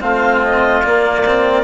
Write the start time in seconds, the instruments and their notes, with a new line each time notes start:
0.00 bassoon A3, cello C4, oboe F4, clarinet F5
0.44 clarinet D#5
0.84 cello A#3, bassoon A#3, clarinet D5
1.26 cello C4